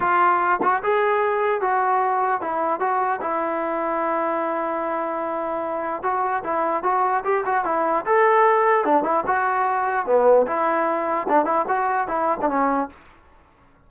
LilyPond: \new Staff \with { instrumentName = "trombone" } { \time 4/4 \tempo 4 = 149 f'4. fis'8 gis'2 | fis'2 e'4 fis'4 | e'1~ | e'2. fis'4 |
e'4 fis'4 g'8 fis'8 e'4 | a'2 d'8 e'8 fis'4~ | fis'4 b4 e'2 | d'8 e'8 fis'4 e'8. d'16 cis'4 | }